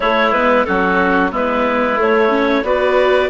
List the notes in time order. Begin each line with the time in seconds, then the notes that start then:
0.00 A3 E4 C#5
0.31 G#3 B3 B4
0.65 F#3 C#4 F#4 A4
1.31 G#3 B3 E4 B4
1.96 A3 C#5
2.29 C#4
2.62 B3 F#4 B4 D5